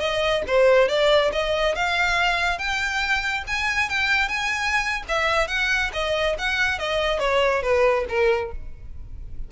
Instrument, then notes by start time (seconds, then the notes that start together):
violin
0.00 D#5
0.47 C5
0.88 D5
1.32 D#5
1.75 F5
2.58 G5
3.47 G#5
3.89 G5
4.28 G#5
5.08 E5
5.48 F#5
5.93 D#5
6.38 F#5
6.79 D#5
7.19 C#5
7.62 B4
8.09 A#4